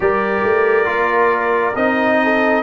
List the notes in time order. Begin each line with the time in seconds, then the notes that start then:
0.00 G3 G4 A#4 D5
0.43 A3
0.85 A#3 F4
1.75 C4 D#4 D#5
2.23 A4